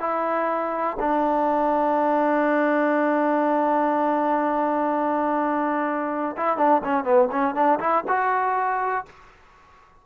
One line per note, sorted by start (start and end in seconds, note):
0.00 0.98 E4
1.00 6.36 D4
6.37 6.57 E4
6.57 6.82 D4
6.84 7.04 C#4
7.04 7.29 B3
7.32 7.55 C#4
7.55 7.80 D4
7.80 8.04 E4
8.08 9.06 F#4